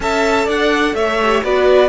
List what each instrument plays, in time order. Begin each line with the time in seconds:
0.00 cello C#4, viola A4, violin E5 A5
0.45 cello D4, violin D5 F#5
0.94 cello A3, violin C#5 E5
1.22 viola G4
1.43 cello B3, viola F#4, violin B4 D5